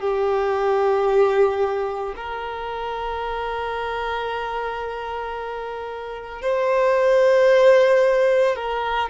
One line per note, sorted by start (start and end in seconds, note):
0.00 2.14 G4
2.16 6.42 A#4
6.42 8.56 C5
8.56 9.10 A#4